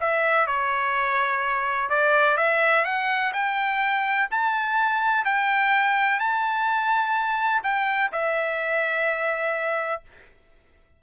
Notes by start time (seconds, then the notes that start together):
0.00 E5
0.47 C#5
1.89 D5
2.37 E5
2.84 F#5
3.33 G5
4.31 A5
5.24 G5
6.19 A5
7.63 G5
8.12 E5